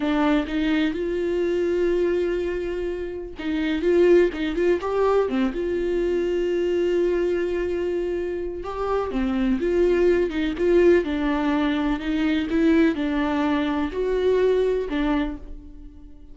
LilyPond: \new Staff \with { instrumentName = "viola" } { \time 4/4 \tempo 4 = 125 d'4 dis'4 f'2~ | f'2. dis'4 | f'4 dis'8 f'8 g'4 c'8 f'8~ | f'1~ |
f'2 g'4 c'4 | f'4. dis'8 f'4 d'4~ | d'4 dis'4 e'4 d'4~ | d'4 fis'2 d'4 | }